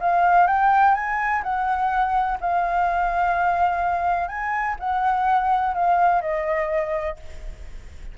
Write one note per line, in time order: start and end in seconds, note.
0.00 0.47 F5
0.47 0.94 G5
0.95 1.42 G#5
1.43 2.38 F#5
2.40 4.28 F5
4.28 4.76 G#5
4.79 5.74 F#5
5.74 6.21 F5
6.21 7.16 D#5